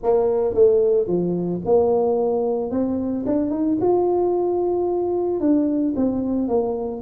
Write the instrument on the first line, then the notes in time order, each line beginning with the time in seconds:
tuba
0.02 A#3
0.54 A3
1.07 F3
1.65 A#3
2.71 C4
3.26 D4
3.50 D#4
3.81 F4
5.40 D4
5.96 C4
6.48 A#3